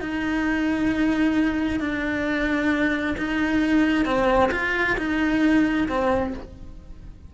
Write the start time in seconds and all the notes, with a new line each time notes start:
0.00 D#4
1.80 D4
3.17 D#4
4.05 C4
4.52 F4
4.97 D#4
5.88 C4